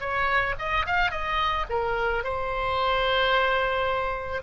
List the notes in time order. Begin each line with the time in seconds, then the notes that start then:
0.00 C#5
0.59 D#5
0.86 F5
1.11 D#5
1.69 A#4
2.24 C5